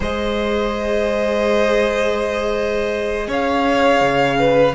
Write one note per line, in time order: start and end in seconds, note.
0.00 3.27 G#3
0.00 4.75 G#4
0.00 3.26 C5
0.00 3.31 D#5
3.27 4.00 C#4
3.27 4.37 C#5
3.27 4.75 F5
4.00 4.73 C#3
4.38 4.75 B4